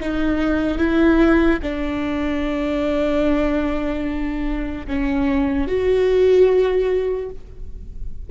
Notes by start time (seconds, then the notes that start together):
0.00 D#4
0.78 E4
1.63 D4
4.87 C#4
5.68 F#4